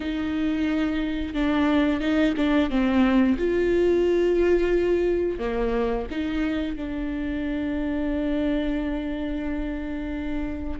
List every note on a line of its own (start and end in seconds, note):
0.00 1.33 D#4
1.33 2.00 D4
2.00 2.34 D#4
2.37 2.70 D4
2.70 3.37 C4
3.38 5.38 F4
5.38 6.06 A#3
6.10 6.76 D#4
6.76 10.80 D4